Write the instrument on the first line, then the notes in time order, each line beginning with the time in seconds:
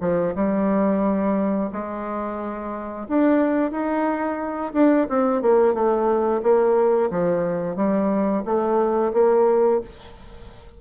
bassoon
0.00 F3
0.35 G3
1.72 G#3
3.08 D4
3.71 D#4
4.73 D4
5.09 C4
5.41 A#3
5.73 A3
6.42 A#3
7.10 F3
7.76 G3
8.45 A3
9.13 A#3